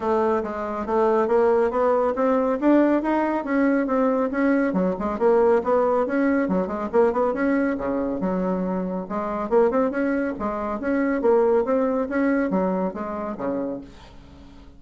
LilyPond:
\new Staff \with { instrumentName = "bassoon" } { \time 4/4 \tempo 4 = 139 a4 gis4 a4 ais4 | b4 c'4 d'4 dis'4 | cis'4 c'4 cis'4 fis8 gis8 | ais4 b4 cis'4 fis8 gis8 |
ais8 b8 cis'4 cis4 fis4~ | fis4 gis4 ais8 c'8 cis'4 | gis4 cis'4 ais4 c'4 | cis'4 fis4 gis4 cis4 | }